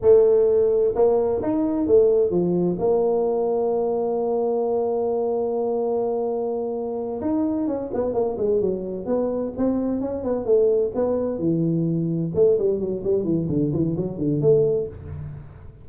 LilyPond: \new Staff \with { instrumentName = "tuba" } { \time 4/4 \tempo 4 = 129 a2 ais4 dis'4 | a4 f4 ais2~ | ais1~ | ais2.~ ais8 dis'8~ |
dis'8 cis'8 b8 ais8 gis8 fis4 b8~ | b8 c'4 cis'8 b8 a4 b8~ | b8 e2 a8 g8 fis8 | g8 e8 d8 e8 fis8 d8 a4 | }